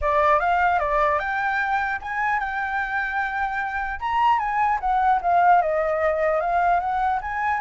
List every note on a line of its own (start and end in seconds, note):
0.01 0.39 D5
0.39 0.79 F5
0.79 1.19 D5
1.19 1.99 G5
2.01 2.39 G#5
2.39 3.99 G5
3.99 4.38 A#5
4.38 4.78 G#5
4.80 5.20 F#5
5.21 5.61 F5
5.61 6.40 D#5
6.40 6.79 F5
6.79 7.19 F#5
7.21 7.60 G#5